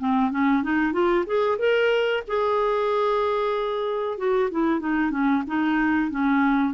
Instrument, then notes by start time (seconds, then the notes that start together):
clarinet
0.00 C4
0.31 C#4
0.63 D#4
0.93 F4
1.26 G#4
1.59 A#4
2.28 G#4
4.18 F#4
4.51 E4
4.80 D#4
5.11 C#4
5.47 D#4
6.11 C#4